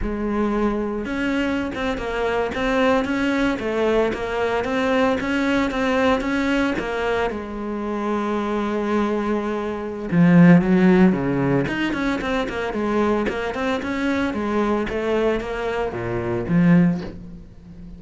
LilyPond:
\new Staff \with { instrumentName = "cello" } { \time 4/4 \tempo 4 = 113 gis2 cis'4~ cis'16 c'8 ais16~ | ais8. c'4 cis'4 a4 ais16~ | ais8. c'4 cis'4 c'4 cis'16~ | cis'8. ais4 gis2~ gis16~ |
gis2. f4 | fis4 cis4 dis'8 cis'8 c'8 ais8 | gis4 ais8 c'8 cis'4 gis4 | a4 ais4 ais,4 f4 | }